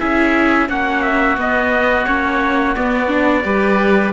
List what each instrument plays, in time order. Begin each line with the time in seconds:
0.00 cello C#4, viola E4, oboe G#4, trumpet E5
0.68 cello A#3, viola C#4, oboe F#4, trumpet F#5
1.02 trumpet E5
1.37 cello B3, viola B3, trumpet D#5
2.05 cello A#3, viola C#4, trumpet C#5
2.75 viola B3, cello B3, trumpet D5
3.08 viola D4
3.44 cello G3, viola G4, oboe B4